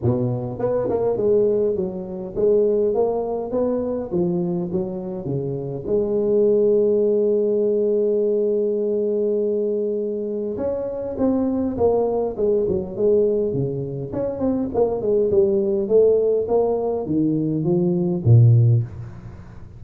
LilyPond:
\new Staff \with { instrumentName = "tuba" } { \time 4/4 \tempo 4 = 102 b,4 b8 ais8 gis4 fis4 | gis4 ais4 b4 f4 | fis4 cis4 gis2~ | gis1~ |
gis2 cis'4 c'4 | ais4 gis8 fis8 gis4 cis4 | cis'8 c'8 ais8 gis8 g4 a4 | ais4 dis4 f4 ais,4 | }